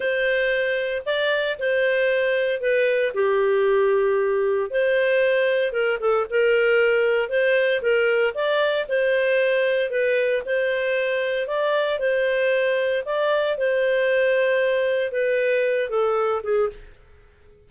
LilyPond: \new Staff \with { instrumentName = "clarinet" } { \time 4/4 \tempo 4 = 115 c''2 d''4 c''4~ | c''4 b'4 g'2~ | g'4 c''2 ais'8 a'8 | ais'2 c''4 ais'4 |
d''4 c''2 b'4 | c''2 d''4 c''4~ | c''4 d''4 c''2~ | c''4 b'4. a'4 gis'8 | }